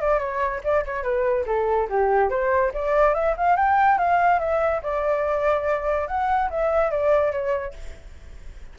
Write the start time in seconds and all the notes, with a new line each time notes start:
0.00 D5
0.18 C#5
0.63 D5
0.84 C#5
1.02 B4
1.46 A4
1.89 G4
2.29 C5
2.73 D5
3.14 E5
3.37 F5
3.56 G5
3.98 F5
4.39 E5
4.82 D5
6.07 F#5
6.50 E5
6.90 D5
7.32 C#5